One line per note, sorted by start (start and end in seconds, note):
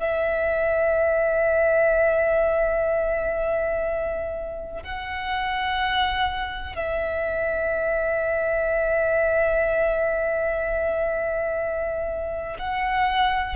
0.00 4.83 E5
4.83 6.76 F#5
6.76 12.57 E5
12.59 13.56 F#5